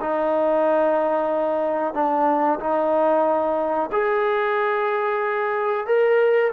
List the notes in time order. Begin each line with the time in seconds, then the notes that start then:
0.00 D#4
1.94 D4
2.59 D#4
3.92 G#4
5.86 A#4